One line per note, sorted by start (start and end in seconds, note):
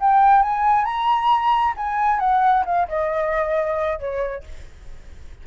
0.00 0.43 G5
0.43 0.85 G#5
0.85 1.74 A#5
1.77 2.20 G#5
2.20 2.65 F#5
2.66 2.88 F5
2.89 3.99 D#5
3.99 4.44 C#5